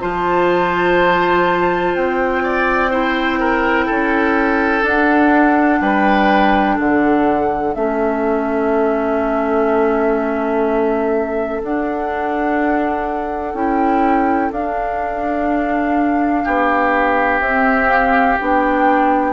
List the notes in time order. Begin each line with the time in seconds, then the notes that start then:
0.00 F3 F4 C5 A5
1.95 C4 G5
2.43 D5
2.91 E4 C5
3.40 A#4
3.86 C#4 A4
4.83 D4 F#5
5.81 G3 B4 G5
6.76 D3 A4 F#5
7.74 A3 C#4 E5
11.63 D4 F#5
13.54 C#4 E4 G5
14.51 D4 F5
16.45 B3 G4
17.40 C4 E5
17.89 F5
18.40 B3 D4 G5